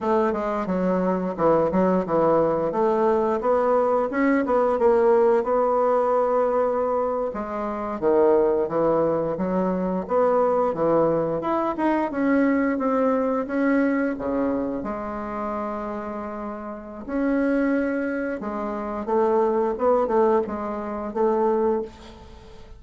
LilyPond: \new Staff \with { instrumentName = "bassoon" } { \time 4/4 \tempo 4 = 88 a8 gis8 fis4 e8 fis8 e4 | a4 b4 cis'8 b8 ais4 | b2~ b8. gis4 dis16~ | dis8. e4 fis4 b4 e16~ |
e8. e'8 dis'8 cis'4 c'4 cis'16~ | cis'8. cis4 gis2~ gis16~ | gis4 cis'2 gis4 | a4 b8 a8 gis4 a4 | }